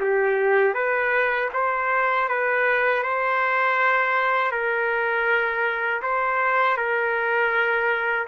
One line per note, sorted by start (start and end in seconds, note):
0.00 0.74 G4
0.74 1.49 B4
1.53 2.28 C5
2.28 3.03 B4
3.03 4.51 C5
4.51 6.01 A#4
6.02 6.76 C5
6.76 8.26 A#4